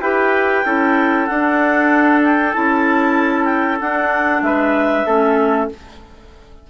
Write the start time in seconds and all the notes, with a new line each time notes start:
0.00 E4 G4 B4 G5
0.65 C#4 E4 A4
1.26 D4 F#5
2.23 G5
2.53 C#4 E4 A5
3.45 G5
3.80 D4 F#5
4.41 G#3 B4 E5
5.06 A3 C#4 A4